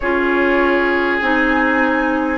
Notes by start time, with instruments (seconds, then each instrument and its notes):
0.00 bassoon C#4, clarinet F4, oboe G#4, flute C#5
1.21 bassoon C4, clarinet D#4, flute G#5